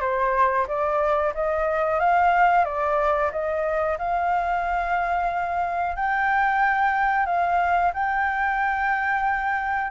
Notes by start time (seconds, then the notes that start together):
0.00 C5
0.67 D5
1.34 D#5
1.99 F5
2.65 D5
3.31 D#5
3.98 F5
5.96 G5
7.26 F5
7.93 G5